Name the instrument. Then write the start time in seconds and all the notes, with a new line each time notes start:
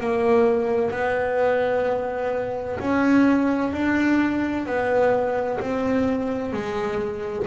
double bass
0.00 A#3
0.92 B3
2.80 C#4
3.73 D4
4.66 B3
5.60 C4
6.53 G#3